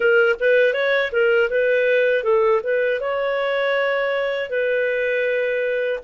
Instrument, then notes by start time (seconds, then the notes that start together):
clarinet
0.00 A#4
0.40 B4
0.73 C#5
1.12 A#4
1.50 B4
2.23 A4
2.63 B4
3.00 C#5
4.49 B4